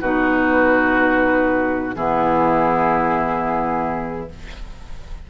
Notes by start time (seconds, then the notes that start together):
0.00 B2 D#4 F#4 B4
1.94 E3 B3 E4 G#4